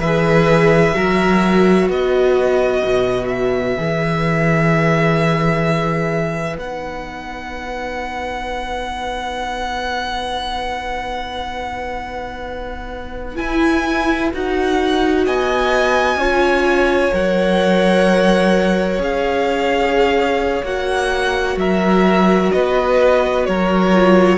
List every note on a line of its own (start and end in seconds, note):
0.00 0.94 E3
0.00 0.95 G#4
0.00 0.95 B4
0.00 1.88 E5
0.95 1.89 F#3
0.95 3.76 F#4
0.95 1.88 A#4
1.88 2.83 B3
1.88 15.24 B4
1.88 3.29 D#5
2.85 3.78 B2
3.29 6.57 E5
3.77 6.58 E3
3.77 6.58 G#4
6.58 13.38 B3
6.58 13.36 D#4
6.58 13.37 F#5
13.36 14.30 E4
13.36 14.33 E4
13.36 14.30 G#5
14.34 15.27 D#4
14.34 16.20 F#4
14.34 15.27 F#5
15.26 16.16 B3
15.26 16.19 D#5
15.26 17.14 G#5
16.16 17.10 C#4
16.16 17.12 F4
16.16 21.58 C#5
17.12 18.99 F#3
17.12 19.00 A#4
17.12 19.02 F#5
18.99 20.63 C#4
18.99 20.64 G#4
18.99 20.65 F5
20.63 21.57 A#3
20.63 23.93 F#4
20.63 21.58 F#5
21.57 22.51 F#3
21.57 22.54 A#4
21.57 22.52 E5
22.52 23.48 B3
22.52 23.48 B4
22.52 23.46 D#5
23.46 24.39 F#3
23.46 24.39 A#4
23.46 24.39 C#5
23.94 24.39 F4